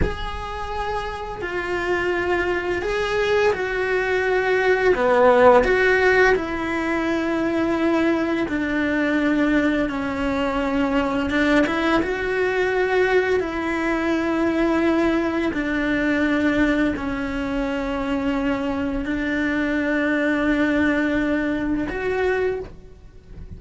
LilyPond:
\new Staff \with { instrumentName = "cello" } { \time 4/4 \tempo 4 = 85 gis'2 f'2 | gis'4 fis'2 b4 | fis'4 e'2. | d'2 cis'2 |
d'8 e'8 fis'2 e'4~ | e'2 d'2 | cis'2. d'4~ | d'2. fis'4 | }